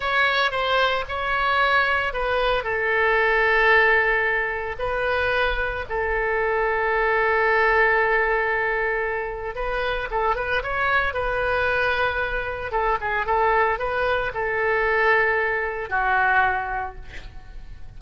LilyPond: \new Staff \with { instrumentName = "oboe" } { \time 4/4 \tempo 4 = 113 cis''4 c''4 cis''2 | b'4 a'2.~ | a'4 b'2 a'4~ | a'1~ |
a'2 b'4 a'8 b'8 | cis''4 b'2. | a'8 gis'8 a'4 b'4 a'4~ | a'2 fis'2 | }